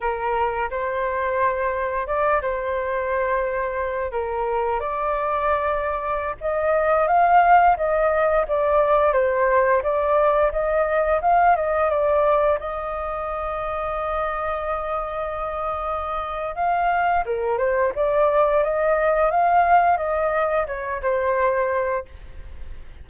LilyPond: \new Staff \with { instrumentName = "flute" } { \time 4/4 \tempo 4 = 87 ais'4 c''2 d''8 c''8~ | c''2 ais'4 d''4~ | d''4~ d''16 dis''4 f''4 dis''8.~ | dis''16 d''4 c''4 d''4 dis''8.~ |
dis''16 f''8 dis''8 d''4 dis''4.~ dis''16~ | dis''1 | f''4 ais'8 c''8 d''4 dis''4 | f''4 dis''4 cis''8 c''4. | }